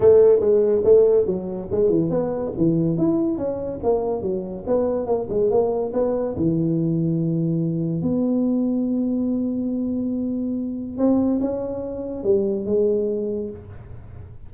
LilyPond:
\new Staff \with { instrumentName = "tuba" } { \time 4/4 \tempo 4 = 142 a4 gis4 a4 fis4 | gis8 e8 b4 e4 e'4 | cis'4 ais4 fis4 b4 | ais8 gis8 ais4 b4 e4~ |
e2. b4~ | b1~ | b2 c'4 cis'4~ | cis'4 g4 gis2 | }